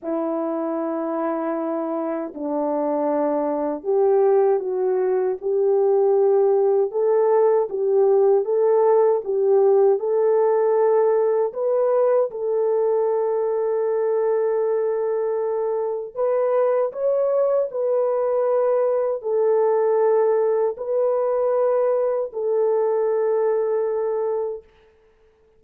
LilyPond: \new Staff \with { instrumentName = "horn" } { \time 4/4 \tempo 4 = 78 e'2. d'4~ | d'4 g'4 fis'4 g'4~ | g'4 a'4 g'4 a'4 | g'4 a'2 b'4 |
a'1~ | a'4 b'4 cis''4 b'4~ | b'4 a'2 b'4~ | b'4 a'2. | }